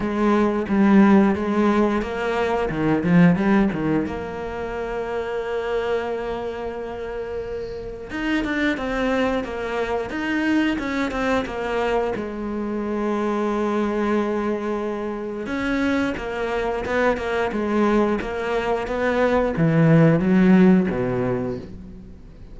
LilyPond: \new Staff \with { instrumentName = "cello" } { \time 4/4 \tempo 4 = 89 gis4 g4 gis4 ais4 | dis8 f8 g8 dis8 ais2~ | ais1 | dis'8 d'8 c'4 ais4 dis'4 |
cis'8 c'8 ais4 gis2~ | gis2. cis'4 | ais4 b8 ais8 gis4 ais4 | b4 e4 fis4 b,4 | }